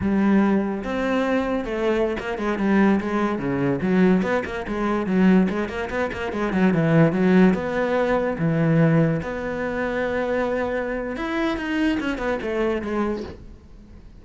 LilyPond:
\new Staff \with { instrumentName = "cello" } { \time 4/4 \tempo 4 = 145 g2 c'2 | a4~ a16 ais8 gis8 g4 gis8.~ | gis16 cis4 fis4 b8 ais8 gis8.~ | gis16 fis4 gis8 ais8 b8 ais8 gis8 fis16~ |
fis16 e4 fis4 b4.~ b16~ | b16 e2 b4.~ b16~ | b2. e'4 | dis'4 cis'8 b8 a4 gis4 | }